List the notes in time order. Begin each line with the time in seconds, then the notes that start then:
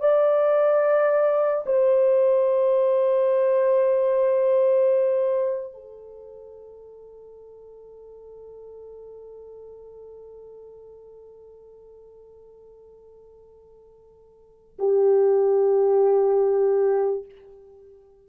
0.00 D5
1.66 C5
5.74 A4
14.79 G4